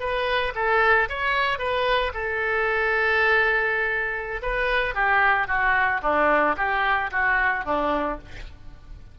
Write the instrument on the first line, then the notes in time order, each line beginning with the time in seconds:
oboe
0.00 B4
0.56 A4
1.10 C#5
1.59 B4
2.14 A4
4.43 B4
4.95 G4
5.48 F#4
6.03 D4
6.57 G4
7.12 F#4
7.66 D4